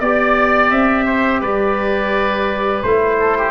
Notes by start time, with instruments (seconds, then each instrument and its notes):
0.00 tuba B3, trombone G4, oboe D5, trumpet D5
0.71 tuba C4, trumpet E5
1.05 oboe C5
1.41 tuba G3, oboe B4, trumpet D5
2.83 tuba A3, trombone E4, trumpet C5
3.20 oboe A4
3.38 oboe G4